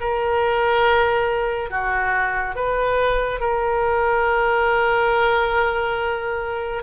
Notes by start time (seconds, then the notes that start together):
0.00 A#4
1.70 F#4
2.55 B4
3.40 A#4